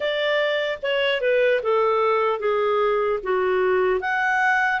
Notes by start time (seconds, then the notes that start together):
0.00 D5
0.82 C#5
1.20 B4
1.62 A4
2.39 G#4
3.23 F#4
4.00 F#5